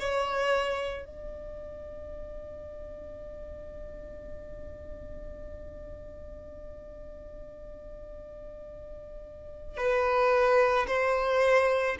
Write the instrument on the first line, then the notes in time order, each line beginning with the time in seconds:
violin
0.00 C#5
1.06 D5
9.77 B4
10.87 C5